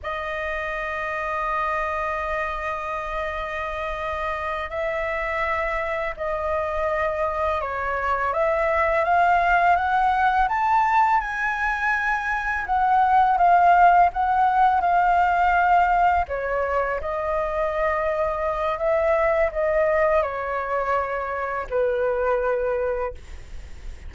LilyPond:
\new Staff \with { instrumentName = "flute" } { \time 4/4 \tempo 4 = 83 dis''1~ | dis''2~ dis''8 e''4.~ | e''8 dis''2 cis''4 e''8~ | e''8 f''4 fis''4 a''4 gis''8~ |
gis''4. fis''4 f''4 fis''8~ | fis''8 f''2 cis''4 dis''8~ | dis''2 e''4 dis''4 | cis''2 b'2 | }